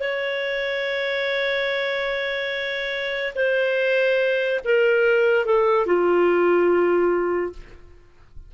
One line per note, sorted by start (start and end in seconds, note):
0.00 3.33 C#5
3.35 4.60 C5
4.64 5.45 A#4
5.45 5.86 A4
5.86 7.53 F4